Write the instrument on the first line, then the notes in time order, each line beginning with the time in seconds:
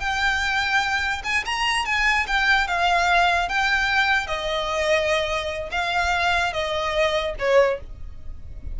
violin
0.00 G5
1.24 G#5
1.45 A#5
1.86 G#5
2.27 G5
2.67 F5
3.49 G5
4.27 D#5
5.71 F5
6.53 D#5
7.39 C#5